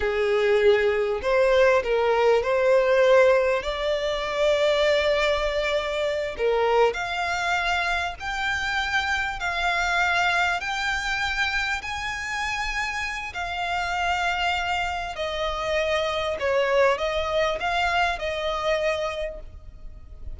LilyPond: \new Staff \with { instrumentName = "violin" } { \time 4/4 \tempo 4 = 99 gis'2 c''4 ais'4 | c''2 d''2~ | d''2~ d''8 ais'4 f''8~ | f''4. g''2 f''8~ |
f''4. g''2 gis''8~ | gis''2 f''2~ | f''4 dis''2 cis''4 | dis''4 f''4 dis''2 | }